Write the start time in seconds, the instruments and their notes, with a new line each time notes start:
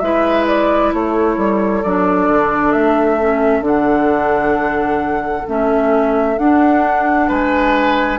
0.00 bassoon G#3, clarinet E4, oboe B4, flute E5
0.48 flute D5
0.93 bassoon A3, oboe A4, flute C#5
1.37 bassoon G3
1.83 bassoon F#3, clarinet D4, flute D5
2.28 bassoon D3
2.72 bassoon A3, flute E5
3.20 clarinet C#4
3.61 bassoon D3, clarinet D4, flute F#5
5.47 bassoon A3, clarinet C#4, flute E5
6.37 clarinet D4, bassoon D4, flute F#5
7.28 bassoon G#3, oboe B4, flute G#5